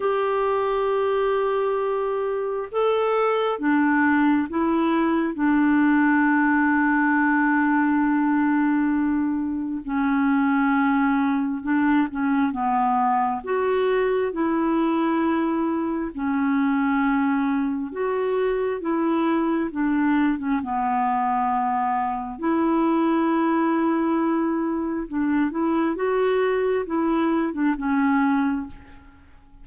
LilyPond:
\new Staff \with { instrumentName = "clarinet" } { \time 4/4 \tempo 4 = 67 g'2. a'4 | d'4 e'4 d'2~ | d'2. cis'4~ | cis'4 d'8 cis'8 b4 fis'4 |
e'2 cis'2 | fis'4 e'4 d'8. cis'16 b4~ | b4 e'2. | d'8 e'8 fis'4 e'8. d'16 cis'4 | }